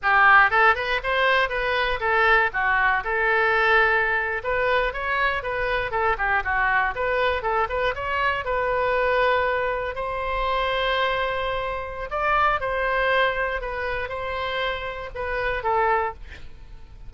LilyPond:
\new Staff \with { instrumentName = "oboe" } { \time 4/4 \tempo 4 = 119 g'4 a'8 b'8 c''4 b'4 | a'4 fis'4 a'2~ | a'8. b'4 cis''4 b'4 a'16~ | a'16 g'8 fis'4 b'4 a'8 b'8 cis''16~ |
cis''8. b'2. c''16~ | c''1 | d''4 c''2 b'4 | c''2 b'4 a'4 | }